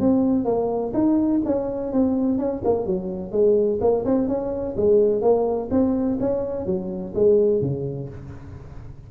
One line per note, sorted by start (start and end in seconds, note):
0.00 0.45 C4
0.45 0.92 A#3
0.93 1.41 D#4
1.45 1.92 C#4
1.92 2.38 C4
2.38 2.62 C#4
2.64 2.85 A#3
2.85 3.31 F#3
3.31 3.79 G#3
3.81 4.04 A#3
4.05 4.28 C4
4.28 4.75 C#4
4.77 5.21 G#3
5.21 5.69 A#3
5.71 6.18 C4
6.19 6.66 C#4
6.66 7.13 F#3
7.15 7.61 G#3
7.61 8.08 C#3